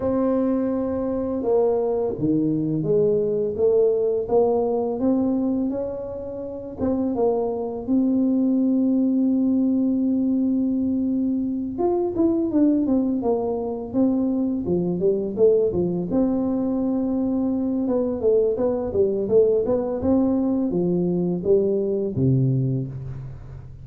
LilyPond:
\new Staff \with { instrumentName = "tuba" } { \time 4/4 \tempo 4 = 84 c'2 ais4 dis4 | gis4 a4 ais4 c'4 | cis'4. c'8 ais4 c'4~ | c'1~ |
c'8 f'8 e'8 d'8 c'8 ais4 c'8~ | c'8 f8 g8 a8 f8 c'4.~ | c'4 b8 a8 b8 g8 a8 b8 | c'4 f4 g4 c4 | }